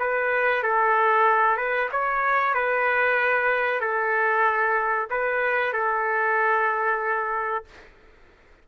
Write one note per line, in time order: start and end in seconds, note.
0.00 0.63 B4
0.63 1.58 A4
1.58 1.89 B4
1.92 2.55 C#5
2.55 3.81 B4
3.81 5.08 A4
5.10 5.73 B4
5.73 7.65 A4